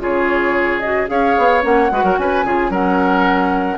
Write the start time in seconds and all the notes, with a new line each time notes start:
0.00 C#3 F4 G#4 C#5
0.80 F#4 D#5
1.07 C#4 G#4 C#5 F5
1.38 B3
1.61 A#3 C#4 F#5
1.91 G#3 F#4 B4
2.03 F#3 A#4
2.19 C#4 B4 G#5
2.45 C#3 F4 G#4
2.70 F#3 C#4 A#4 F#5